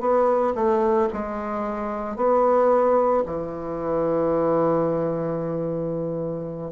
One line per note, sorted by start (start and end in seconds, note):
0.00 0.54 B3
0.55 1.09 A3
1.13 2.16 G#3
2.16 3.23 B3
3.26 6.72 E3